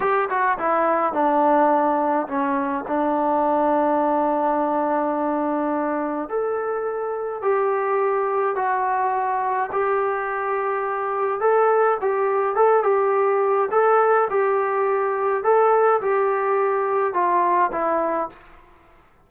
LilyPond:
\new Staff \with { instrumentName = "trombone" } { \time 4/4 \tempo 4 = 105 g'8 fis'8 e'4 d'2 | cis'4 d'2.~ | d'2. a'4~ | a'4 g'2 fis'4~ |
fis'4 g'2. | a'4 g'4 a'8 g'4. | a'4 g'2 a'4 | g'2 f'4 e'4 | }